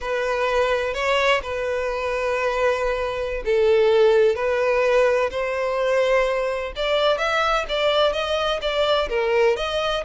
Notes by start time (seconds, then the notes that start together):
0.00 B4
0.93 C#5
1.42 B4
3.45 A4
4.35 B4
5.30 C5
6.76 D5
7.17 E5
7.68 D5
8.12 D#5
8.61 D5
9.09 A#4
9.56 D#5